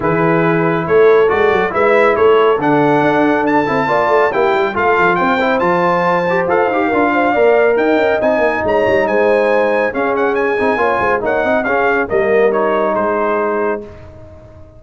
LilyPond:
<<
  \new Staff \with { instrumentName = "trumpet" } { \time 4/4 \tempo 4 = 139 b'2 cis''4 d''4 | e''4 cis''4 fis''2 | a''2 g''4 f''4 | g''4 a''2 f''4~ |
f''2 g''4 gis''4 | ais''4 gis''2 f''8 fis''8 | gis''2 fis''4 f''4 | dis''4 cis''4 c''2 | }
  \new Staff \with { instrumentName = "horn" } { \time 4/4 gis'2 a'2 | b'4 a'2.~ | a'4 d''4 g'4 a'4 | c''1 |
ais'8 c''8 d''4 dis''2 | cis''4 c''2 gis'4~ | gis'4 cis''8 c''8 cis''8 dis''8 gis'4 | ais'2 gis'2 | }
  \new Staff \with { instrumentName = "trombone" } { \time 4/4 e'2. fis'4 | e'2 d'2~ | d'8 e'8 f'4 e'4 f'4~ | f'8 e'8 f'4. g'8 a'8 g'8 |
f'4 ais'2 dis'4~ | dis'2. cis'4~ | cis'8 dis'8 f'4 dis'4 cis'4 | ais4 dis'2. | }
  \new Staff \with { instrumentName = "tuba" } { \time 4/4 e2 a4 gis8 fis8 | gis4 a4 d4 d'4~ | d'8 c'8 ais8 a8 ais8 g8 a8 f8 | c'4 f2 f'8 dis'8 |
d'4 ais4 dis'8 cis'8 c'8 ais8 | gis8 g8 gis2 cis'4~ | cis'8 c'8 ais8 gis8 ais8 c'8 cis'4 | g2 gis2 | }
>>